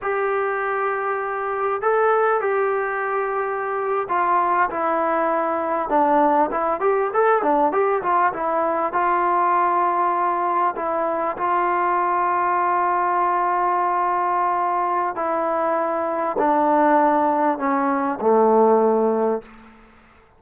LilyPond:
\new Staff \with { instrumentName = "trombone" } { \time 4/4 \tempo 4 = 99 g'2. a'4 | g'2~ g'8. f'4 e'16~ | e'4.~ e'16 d'4 e'8 g'8 a'16~ | a'16 d'8 g'8 f'8 e'4 f'4~ f'16~ |
f'4.~ f'16 e'4 f'4~ f'16~ | f'1~ | f'4 e'2 d'4~ | d'4 cis'4 a2 | }